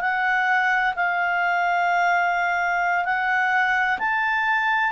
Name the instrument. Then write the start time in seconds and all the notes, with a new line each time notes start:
clarinet
0.00 F#5
0.95 F5
3.04 F#5
3.98 A5